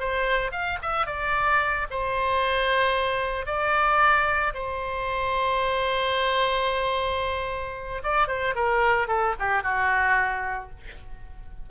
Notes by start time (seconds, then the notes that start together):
0.00 C5
0.52 F5
0.82 E5
1.07 D5
1.91 C5
3.46 D5
4.54 C5
8.03 D5
8.28 C5
8.55 A#4
9.08 A4
9.39 G4
9.63 F#4